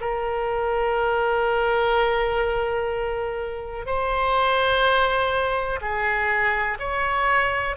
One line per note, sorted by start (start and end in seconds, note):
0.00 3.86 A#4
3.86 5.79 C5
5.81 6.77 G#4
6.79 7.76 C#5